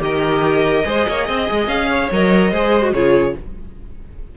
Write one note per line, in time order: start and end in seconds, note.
0.00 0.84 D#3
0.00 0.84 G4
0.00 0.87 A#4
0.00 1.68 D#5
0.85 1.07 G#3
0.85 2.11 G#4
0.85 1.08 C5
1.08 1.29 A#3
1.08 1.26 C#5
1.26 1.50 C4
1.26 1.89 D#5
1.51 1.67 G#3
1.67 2.09 C#4
1.67 2.10 F5
1.91 2.52 C#5
2.12 2.52 F#3
2.12 2.54 A#4
2.12 2.94 D#5
2.52 2.93 G#3
2.52 2.83 G#4
2.52 2.94 C5
2.83 2.94 F#4
2.93 3.35 C#3
2.93 3.37 F4
2.93 3.36 G#4
2.93 3.35 C#5